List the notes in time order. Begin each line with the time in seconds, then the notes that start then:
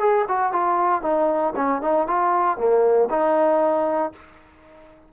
0.00 G#4
0.28 F#4
0.53 F4
1.03 D#4
1.56 C#4
1.82 D#4
2.08 F4
2.58 A#3
3.10 D#4